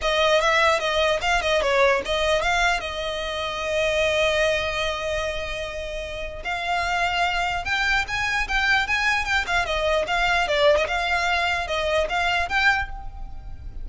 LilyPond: \new Staff \with { instrumentName = "violin" } { \time 4/4 \tempo 4 = 149 dis''4 e''4 dis''4 f''8 dis''8 | cis''4 dis''4 f''4 dis''4~ | dis''1~ | dis''1 |
f''2. g''4 | gis''4 g''4 gis''4 g''8 f''8 | dis''4 f''4 d''8. dis''16 f''4~ | f''4 dis''4 f''4 g''4 | }